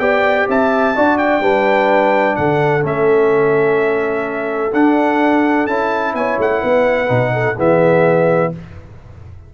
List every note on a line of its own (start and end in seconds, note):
0.00 0.47 B3
0.00 0.95 G4
0.00 0.48 D5
0.00 0.48 G5
0.49 0.96 C4
0.49 0.97 E5
0.49 1.18 A5
0.96 1.41 D4
0.96 1.42 F#4
0.96 1.42 D5
1.18 2.36 G5
1.41 2.35 G3
1.41 2.82 D4
1.41 2.37 B4
2.36 2.84 D3
2.36 6.17 A4
2.36 2.83 F#5
2.82 4.73 A3
2.82 4.71 C#4
2.82 4.74 E5
4.74 5.68 D4
4.74 5.69 D4
4.74 5.67 F#5
5.67 6.14 C#4
5.67 7.08 E4
5.67 6.14 A5
6.14 6.38 B3
6.14 6.62 C#5
6.14 6.39 G#5
6.38 6.62 A3
6.38 7.59 F#5
6.62 7.10 B3
6.62 7.33 B4
7.08 7.57 B2
7.08 7.56 D#4
7.33 7.56 A4
7.56 8.53 E3
7.56 8.53 B3
7.56 8.51 G#4
7.56 8.54 E5